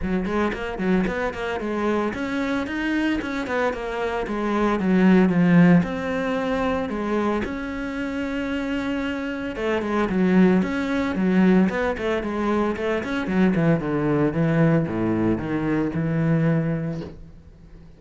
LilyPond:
\new Staff \with { instrumentName = "cello" } { \time 4/4 \tempo 4 = 113 fis8 gis8 ais8 fis8 b8 ais8 gis4 | cis'4 dis'4 cis'8 b8 ais4 | gis4 fis4 f4 c'4~ | c'4 gis4 cis'2~ |
cis'2 a8 gis8 fis4 | cis'4 fis4 b8 a8 gis4 | a8 cis'8 fis8 e8 d4 e4 | a,4 dis4 e2 | }